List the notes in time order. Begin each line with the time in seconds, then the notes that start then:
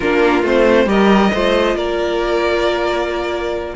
0.00 A#3 D4 F4 A#4
0.42 A3 C4 C5
0.86 G3 G4 A#4 D#5
1.33 A3 F4 C5
1.76 A#3 A#4 D5